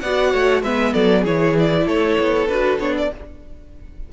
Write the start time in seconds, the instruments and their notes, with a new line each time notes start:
0.00 cello B3, viola F#4, violin D5 F#5
0.31 cello A3, violin C#5
0.62 cello G#3, viola B3, violin B4 E5
0.93 cello F#3, violin A4 D5
1.22 cello E3, viola E4, violin G#4 C#5
1.59 violin D5
1.86 cello A3, violin A4 C#5
2.19 cello B3
2.48 cello D4, viola F#4, violin B4
2.78 cello B3, viola D4, violin C#5
2.97 violin D5